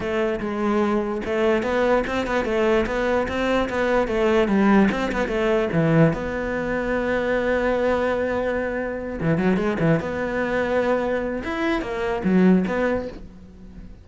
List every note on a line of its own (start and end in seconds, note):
0.00 0.39 A3
0.40 1.21 G#3
1.25 1.62 A3
1.62 2.03 B3
2.06 2.26 C4
2.26 2.45 B3
2.45 2.85 A3
2.86 3.27 B3
3.28 3.68 C4
3.69 4.07 B3
4.07 4.48 A3
4.48 4.88 G3
4.91 5.11 C4
5.12 5.27 B3
5.27 5.68 A3
5.72 6.13 E3
6.13 9.19 B3
9.20 9.37 E3
9.37 9.57 F#3
9.57 9.77 G#3
9.79 9.99 E3
9.99 11.42 B3
11.43 11.81 E4
11.81 12.22 A#3
12.24 12.65 F#3
12.67 13.08 B3